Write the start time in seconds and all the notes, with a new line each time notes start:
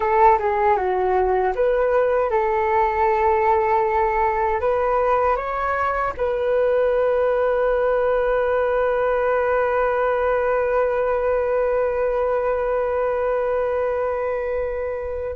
0.00 A4
0.39 G#4
0.76 F#4
1.55 B4
2.30 A4
4.60 B4
5.36 C#5
6.17 B4